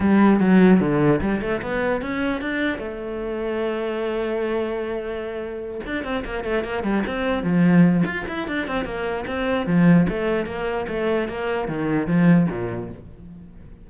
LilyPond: \new Staff \with { instrumentName = "cello" } { \time 4/4 \tempo 4 = 149 g4 fis4 d4 g8 a8 | b4 cis'4 d'4 a4~ | a1~ | a2~ a8 d'8 c'8 ais8 |
a8 ais8 g8 c'4 f4. | f'8 e'8 d'8 c'8 ais4 c'4 | f4 a4 ais4 a4 | ais4 dis4 f4 ais,4 | }